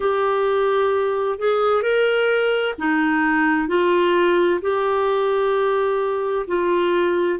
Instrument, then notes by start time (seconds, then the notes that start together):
clarinet
0.00 G4
1.38 G#4
1.82 A#4
2.78 D#4
3.68 F4
4.61 G4
6.47 F4